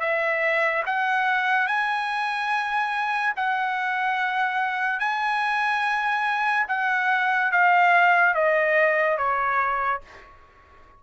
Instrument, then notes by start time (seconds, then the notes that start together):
trumpet
0.00 E5
0.86 F#5
1.67 G#5
3.36 F#5
5.00 G#5
6.68 F#5
7.52 F5
8.34 D#5
9.18 C#5